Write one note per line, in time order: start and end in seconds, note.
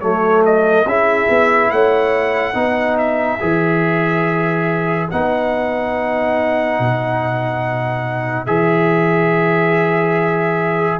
0.00 0.85 F#3
0.00 0.85 A3
0.00 0.87 A4
0.00 0.42 C#5
0.45 0.87 D#5
0.85 1.27 C#4
0.85 2.54 E4
0.85 1.71 G#4
0.85 1.70 E5
1.29 1.71 B3
1.70 2.54 A3
1.70 2.55 C#5
1.70 2.97 F#5
2.54 3.39 B3
2.54 3.38 D#4
2.54 11.00 B4
2.98 5.09 E5
3.40 5.11 E3
3.40 5.09 G#4
5.10 6.79 B3
5.10 8.47 D#4
5.10 8.46 F#5
6.79 8.47 B2
8.46 11.00 E3
8.46 11.00 G#4
8.46 10.99 E5